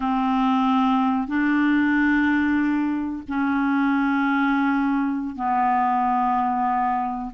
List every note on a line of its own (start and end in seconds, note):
0.00 1.27 C4
1.27 3.23 D4
3.28 5.35 C#4
5.35 7.31 B3